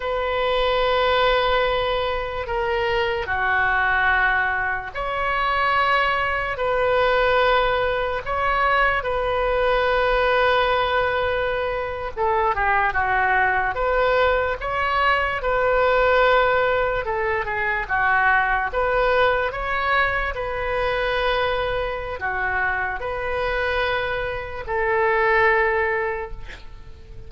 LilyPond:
\new Staff \with { instrumentName = "oboe" } { \time 4/4 \tempo 4 = 73 b'2. ais'4 | fis'2 cis''2 | b'2 cis''4 b'4~ | b'2~ b'8. a'8 g'8 fis'16~ |
fis'8. b'4 cis''4 b'4~ b'16~ | b'8. a'8 gis'8 fis'4 b'4 cis''16~ | cis''8. b'2~ b'16 fis'4 | b'2 a'2 | }